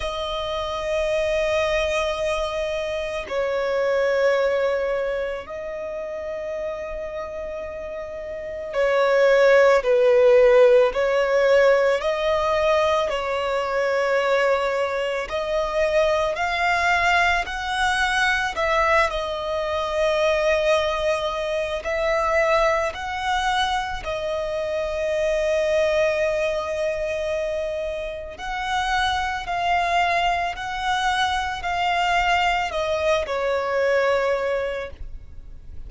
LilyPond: \new Staff \with { instrumentName = "violin" } { \time 4/4 \tempo 4 = 55 dis''2. cis''4~ | cis''4 dis''2. | cis''4 b'4 cis''4 dis''4 | cis''2 dis''4 f''4 |
fis''4 e''8 dis''2~ dis''8 | e''4 fis''4 dis''2~ | dis''2 fis''4 f''4 | fis''4 f''4 dis''8 cis''4. | }